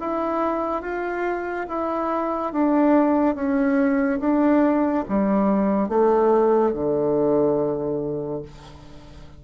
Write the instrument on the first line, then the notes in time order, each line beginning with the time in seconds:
bassoon
0.00 E4
0.81 F4
1.68 E4
2.52 D4
3.35 C#4
4.20 D4
5.09 G3
5.88 A3
6.73 D3